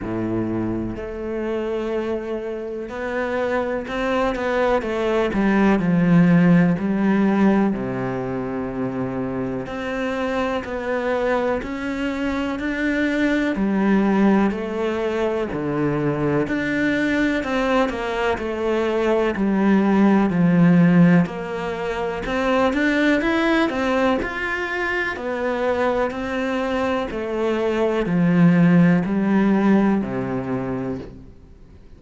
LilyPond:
\new Staff \with { instrumentName = "cello" } { \time 4/4 \tempo 4 = 62 a,4 a2 b4 | c'8 b8 a8 g8 f4 g4 | c2 c'4 b4 | cis'4 d'4 g4 a4 |
d4 d'4 c'8 ais8 a4 | g4 f4 ais4 c'8 d'8 | e'8 c'8 f'4 b4 c'4 | a4 f4 g4 c4 | }